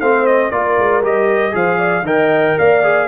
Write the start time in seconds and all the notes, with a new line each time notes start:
0.00 A3 C4 C5 F5
0.26 D#5
0.51 A#3 F4 A#4 D5
0.78 G#3
1.01 G3 G4 D#5
1.51 F3 G#4 C5 F5
1.78 D5
2.02 D#3 A#4 D#5 G5
2.58 A#3 D5 F5
2.83 G#4